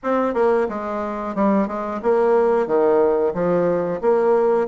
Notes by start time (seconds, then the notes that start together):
0.03 C4
0.34 A#3
0.68 G#3
1.35 G3
1.67 G#3
2.02 A#3
2.66 D#3
3.33 F3
4.01 A#3